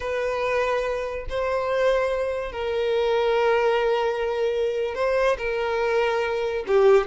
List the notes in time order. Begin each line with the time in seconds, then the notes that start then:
0.00 B4
1.29 C5
2.52 A#4
4.94 C5
5.38 A#4
6.67 G4